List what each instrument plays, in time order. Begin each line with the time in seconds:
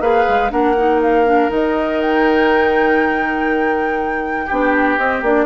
0.00 bassoon A#3, clarinet G#4, oboe B4, flute F5
0.28 bassoon G#3
0.49 bassoon A#3, clarinet D4, oboe A#4, flute F#5
0.77 clarinet D#4
1.01 flute F5
1.26 clarinet D4
1.49 bassoon D#3, clarinet D#4, flute D#5
2.01 flute G5
4.45 bassoon B3, clarinet D4, oboe G4
4.97 bassoon C4, clarinet C4, flute D#5
5.22 bassoon A#3, clarinet D4, flute D5